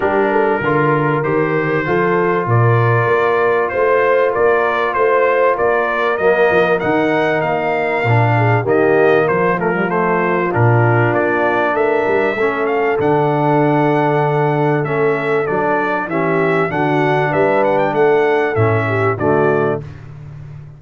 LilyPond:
<<
  \new Staff \with { instrumentName = "trumpet" } { \time 4/4 \tempo 4 = 97 ais'2 c''2 | d''2 c''4 d''4 | c''4 d''4 dis''4 fis''4 | f''2 dis''4 c''8 ais'8 |
c''4 ais'4 d''4 e''4~ | e''8 f''8 fis''2. | e''4 d''4 e''4 fis''4 | e''8 fis''16 g''16 fis''4 e''4 d''4 | }
  \new Staff \with { instrumentName = "horn" } { \time 4/4 g'8 a'8 ais'2 a'4 | ais'2 c''4 ais'4 | c''4 ais'2.~ | ais'4. gis'8 g'4 f'4~ |
f'2. ais'4 | a'1~ | a'2 g'4 fis'4 | b'4 a'4. g'8 fis'4 | }
  \new Staff \with { instrumentName = "trombone" } { \time 4/4 d'4 f'4 g'4 f'4~ | f'1~ | f'2 ais4 dis'4~ | dis'4 d'4 ais4. a16 g16 |
a4 d'2. | cis'4 d'2. | cis'4 d'4 cis'4 d'4~ | d'2 cis'4 a4 | }
  \new Staff \with { instrumentName = "tuba" } { \time 4/4 g4 d4 dis4 f4 | ais,4 ais4 a4 ais4 | a4 ais4 fis8 f8 dis4 | ais4 ais,4 dis4 f4~ |
f4 ais,4 ais4 a8 g8 | a4 d2. | a4 fis4 e4 d4 | g4 a4 a,4 d4 | }
>>